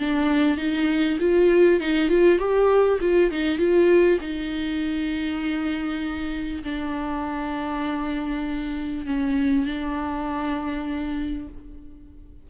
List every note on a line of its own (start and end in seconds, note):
0.00 0.58 D4
0.58 1.19 D#4
1.20 1.81 F4
1.81 2.09 D#4
2.09 2.39 F4
2.39 2.99 G4
3.01 3.31 F4
3.31 3.59 D#4
3.59 4.19 F4
4.21 6.63 D#4
6.64 9.06 D4
9.07 9.66 C#4
9.66 11.48 D4